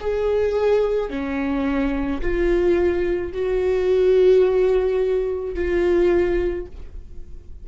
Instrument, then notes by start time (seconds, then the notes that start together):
viola
0.00 G#4
1.10 C#4
2.21 F4
3.32 F#4
5.55 F4